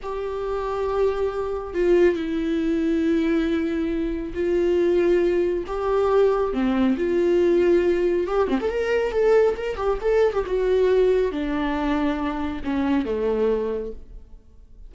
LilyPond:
\new Staff \with { instrumentName = "viola" } { \time 4/4 \tempo 4 = 138 g'1 | f'4 e'2.~ | e'2 f'2~ | f'4 g'2 c'4 |
f'2. g'8 c'16 a'16 | ais'4 a'4 ais'8 g'8 a'8. g'16 | fis'2 d'2~ | d'4 cis'4 a2 | }